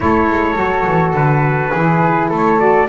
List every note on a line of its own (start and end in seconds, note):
0.00 0.29 A3
0.00 0.55 E4
0.00 1.71 A4
0.00 1.13 C#5
0.29 0.56 G#3
0.55 0.85 F#3
0.55 1.70 F#4
0.86 1.13 E3
1.13 1.71 D3
1.13 2.30 B4
1.71 2.30 E3
1.71 2.58 E4
1.71 2.28 G#4
2.29 2.88 A3
2.29 2.87 A4
2.35 2.59 C#5
2.58 2.87 F#4
2.58 2.88 D5